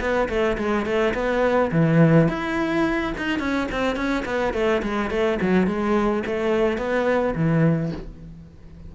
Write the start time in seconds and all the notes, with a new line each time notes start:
0.00 B3
0.29 A3
0.57 G#3
0.85 A3
1.14 B3
1.71 E3
2.28 E4
3.17 D#4
3.39 C#4
3.71 C4
3.96 C#4
4.25 B3
4.54 A3
4.82 G#3
5.10 A3
5.41 F#3
5.67 G#3
6.26 A3
6.77 B3
7.35 E3